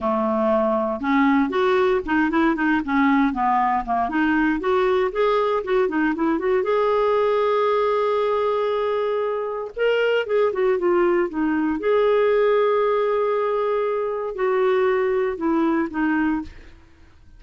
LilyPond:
\new Staff \with { instrumentName = "clarinet" } { \time 4/4 \tempo 4 = 117 a2 cis'4 fis'4 | dis'8 e'8 dis'8 cis'4 b4 ais8 | dis'4 fis'4 gis'4 fis'8 dis'8 | e'8 fis'8 gis'2.~ |
gis'2. ais'4 | gis'8 fis'8 f'4 dis'4 gis'4~ | gis'1 | fis'2 e'4 dis'4 | }